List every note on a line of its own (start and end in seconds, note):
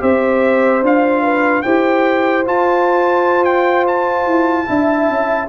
0.00 0.82 C4
0.00 0.81 G4
0.00 1.23 C5
0.00 0.83 E5
0.82 1.63 D4
0.82 1.64 F4
0.82 1.62 F5
1.23 1.63 B4
1.62 2.46 E4
1.62 2.45 G4
1.62 4.68 C5
1.62 2.43 G5
2.45 4.66 F4
2.45 4.27 F4
2.45 3.45 A5
3.45 3.85 G5
3.87 5.49 A5
4.27 4.68 E4
4.66 5.09 D4
4.66 5.47 E4
4.66 5.49 E5
5.09 5.49 C#4